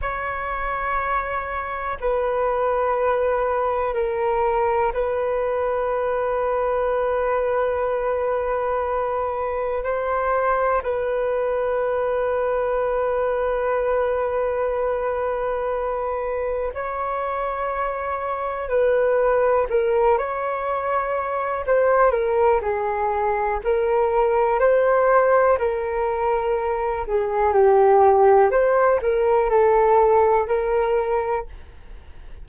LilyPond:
\new Staff \with { instrumentName = "flute" } { \time 4/4 \tempo 4 = 61 cis''2 b'2 | ais'4 b'2.~ | b'2 c''4 b'4~ | b'1~ |
b'4 cis''2 b'4 | ais'8 cis''4. c''8 ais'8 gis'4 | ais'4 c''4 ais'4. gis'8 | g'4 c''8 ais'8 a'4 ais'4 | }